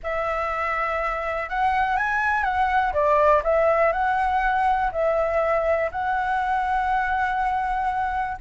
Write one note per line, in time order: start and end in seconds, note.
0.03 1.49 E5
1.49 1.96 F#5
1.96 2.43 G#5
2.43 2.92 F#5
2.93 3.42 D5
3.43 3.92 E5
3.92 4.90 F#5
4.92 5.90 E5
5.91 8.37 F#5